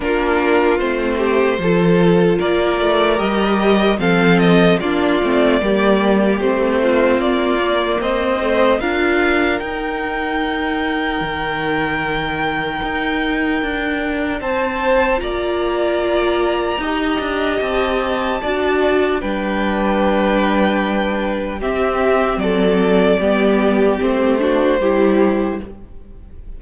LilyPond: <<
  \new Staff \with { instrumentName = "violin" } { \time 4/4 \tempo 4 = 75 ais'4 c''2 d''4 | dis''4 f''8 dis''8 d''2 | c''4 d''4 dis''4 f''4 | g''1~ |
g''2 a''4 ais''4~ | ais''2 a''2 | g''2. e''4 | d''2 c''2 | }
  \new Staff \with { instrumentName = "violin" } { \time 4/4 f'4. g'8 a'4 ais'4~ | ais'4 a'4 f'4 g'4~ | g'8 f'4. c''4 ais'4~ | ais'1~ |
ais'2 c''4 d''4~ | d''4 dis''2 d''4 | b'2. g'4 | a'4 g'4. fis'8 g'4 | }
  \new Staff \with { instrumentName = "viola" } { \time 4/4 d'4 c'4 f'2 | g'4 c'4 d'8 c'8 ais4 | c'4. ais4 a8 f'4 | dis'1~ |
dis'2. f'4~ | f'4 g'2 fis'4 | d'2. c'4~ | c'4 b4 c'8 d'8 e'4 | }
  \new Staff \with { instrumentName = "cello" } { \time 4/4 ais4 a4 f4 ais8 a8 | g4 f4 ais8 a8 g4 | a4 ais4 c'4 d'4 | dis'2 dis2 |
dis'4 d'4 c'4 ais4~ | ais4 dis'8 d'8 c'4 d'4 | g2. c'4 | fis4 g4 a4 g4 | }
>>